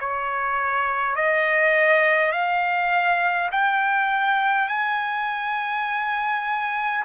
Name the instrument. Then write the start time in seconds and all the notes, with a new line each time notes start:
trumpet
0.00 C#5
1.16 D#5
2.32 F5
3.52 G5
4.68 G#5